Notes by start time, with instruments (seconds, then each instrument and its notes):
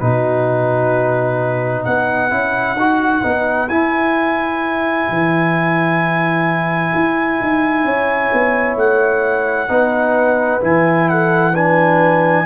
0.00 tuba B2, trombone D#4, horn F#4, trumpet B4
1.85 tuba B3, horn B4, trumpet F#5
2.31 tuba C#4, trombone E4
2.76 tuba D#4, trombone F#4
3.23 tuba B3, trombone D#4
3.69 tuba E4, trombone E4, trumpet G#5
5.09 tuba E3
6.95 tuba E4
7.42 tuba D#4
7.84 tuba C#4, horn C#5
8.33 tuba B3
8.76 tuba A3, trumpet F#5
9.69 tuba B3, trombone D#4, horn B4
10.61 tuba E3, trombone E4, trumpet G#5
11.10 horn A4, trumpet F#5
11.53 trombone D4, horn B4, trumpet G#5